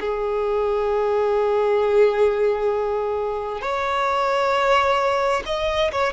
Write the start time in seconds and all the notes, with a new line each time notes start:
0.00 G#4
3.61 C#5
5.45 D#5
5.91 C#5